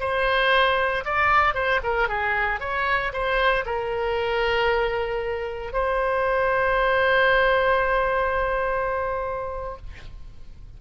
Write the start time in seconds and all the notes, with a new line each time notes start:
0.00 C5
1.05 D5
1.55 C5
1.83 A#4
2.08 G#4
2.60 C#5
3.13 C5
3.66 A#4
5.73 C5